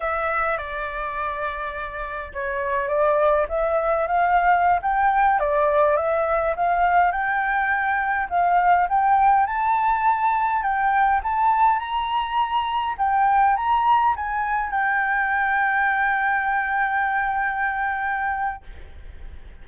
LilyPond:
\new Staff \with { instrumentName = "flute" } { \time 4/4 \tempo 4 = 103 e''4 d''2. | cis''4 d''4 e''4 f''4~ | f''16 g''4 d''4 e''4 f''8.~ | f''16 g''2 f''4 g''8.~ |
g''16 a''2 g''4 a''8.~ | a''16 ais''2 g''4 ais''8.~ | ais''16 gis''4 g''2~ g''8.~ | g''1 | }